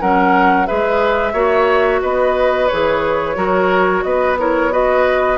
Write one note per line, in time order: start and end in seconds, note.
0.00 0.68 F#3
0.00 0.66 C#4
0.00 0.67 A#4
0.00 0.66 F#5
0.66 1.33 G#3
0.66 1.33 G#4
0.66 1.33 B4
0.66 2.00 E5
1.33 2.00 A#3
1.33 2.68 F#4
1.33 2.00 C#5
2.01 2.70 B3
2.01 3.36 B4
2.01 2.68 D#5
2.68 3.36 E3
2.68 3.35 G#4
2.68 4.02 C#5
3.35 4.03 F#3
3.35 4.36 F#4
3.35 4.04 A#4
4.02 5.38 B3
4.02 4.38 B4
4.02 4.36 D#5
4.38 4.71 E4
4.38 4.72 A#4
4.38 4.72 C#5
4.71 5.38 F#4
4.71 5.38 B4
4.71 5.38 D#5